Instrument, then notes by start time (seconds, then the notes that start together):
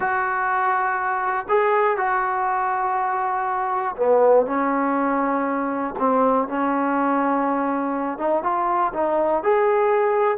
trombone
0.00 F#4
1.49 G#4
1.97 F#4
3.96 B3
4.45 C#4
5.99 C4
6.48 C#4
8.18 D#4
8.43 F4
8.93 D#4
9.43 G#4